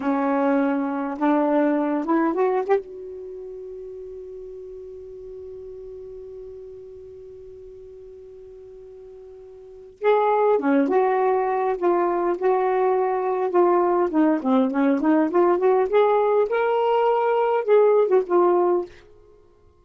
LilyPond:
\new Staff \with { instrumentName = "saxophone" } { \time 4/4 \tempo 4 = 102 cis'2 d'4. e'8 | fis'8 g'16 fis'2.~ fis'16~ | fis'1~ | fis'1~ |
fis'4 gis'4 cis'8 fis'4. | f'4 fis'2 f'4 | dis'8 c'8 cis'8 dis'8 f'8 fis'8 gis'4 | ais'2 gis'8. fis'16 f'4 | }